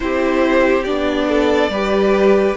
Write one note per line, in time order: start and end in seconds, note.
0.00 0.87 C4
0.00 0.84 E4
0.00 1.28 G4
0.00 0.84 C5
0.84 1.69 B3
0.84 1.71 D4
0.84 2.55 D5
1.28 1.71 A4
1.69 2.55 G3
1.69 2.57 G4
1.69 2.57 B4